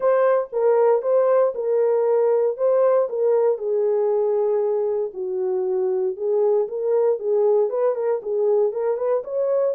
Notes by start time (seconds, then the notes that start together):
0.00 C5
0.52 A#4
1.02 C5
1.55 A#4
2.57 C5
3.09 A#4
3.58 G#4
5.13 F#4
6.16 G#4
6.68 A#4
7.19 G#4
7.69 B4
7.95 A#4
8.22 G#4
8.72 A#4
8.97 B4
9.24 C#5